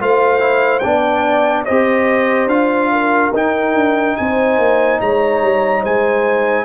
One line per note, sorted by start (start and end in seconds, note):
0.00 0.84 A3
0.00 0.40 F4
0.00 0.83 C5
0.00 0.79 F5
0.40 0.82 E4
0.79 1.68 B3
0.79 1.67 D4
0.79 1.65 D5
0.79 1.63 G5
1.65 2.47 C4
1.65 2.50 G4
1.65 2.90 C5
1.65 2.48 D#5
2.47 3.30 D4
2.47 3.33 F4
2.47 3.32 F5
2.92 4.17 A#4
3.33 3.74 D#4
3.33 6.65 D#4
3.33 4.17 G5
3.74 4.16 D4
4.17 4.58 C4
4.17 5.01 C5
4.17 5.00 G#5
4.58 5.00 A#3
5.01 5.42 G#3
5.01 5.81 C#5
5.01 5.84 A#5
5.42 5.84 G3
5.81 6.65 G#3
5.81 6.64 C5
5.81 6.65 G#5